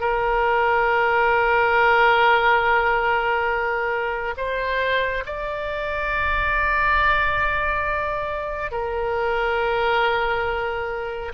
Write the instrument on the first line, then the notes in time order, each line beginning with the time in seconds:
oboe
0.00 A#4
4.37 C5
5.26 D5
8.71 A#4